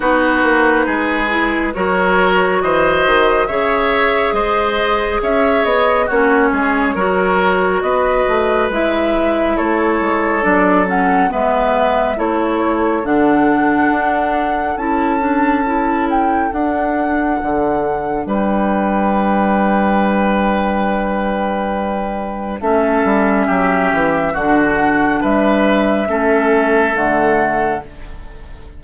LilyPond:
<<
  \new Staff \with { instrumentName = "flute" } { \time 4/4 \tempo 4 = 69 b'2 cis''4 dis''4 | e''4 dis''4 e''8 dis''8 cis''4~ | cis''4 dis''4 e''4 cis''4 | d''8 fis''8 e''4 cis''4 fis''4~ |
fis''4 a''4. g''8 fis''4~ | fis''4 g''2.~ | g''2 e''2 | fis''4 e''2 fis''4 | }
  \new Staff \with { instrumentName = "oboe" } { \time 4/4 fis'4 gis'4 ais'4 c''4 | cis''4 c''4 cis''4 fis'8 gis'8 | ais'4 b'2 a'4~ | a'4 b'4 a'2~ |
a'1~ | a'4 b'2.~ | b'2 a'4 g'4 | fis'4 b'4 a'2 | }
  \new Staff \with { instrumentName = "clarinet" } { \time 4/4 dis'4. e'8 fis'2 | gis'2. cis'4 | fis'2 e'2 | d'8 cis'8 b4 e'4 d'4~ |
d'4 e'8 d'8 e'4 d'4~ | d'1~ | d'2 cis'2 | d'2 cis'4 a4 | }
  \new Staff \with { instrumentName = "bassoon" } { \time 4/4 b8 ais8 gis4 fis4 e8 dis8 | cis4 gis4 cis'8 b8 ais8 gis8 | fis4 b8 a8 gis4 a8 gis8 | fis4 gis4 a4 d4 |
d'4 cis'2 d'4 | d4 g2.~ | g2 a8 g8 fis8 e8 | d4 g4 a4 d4 | }
>>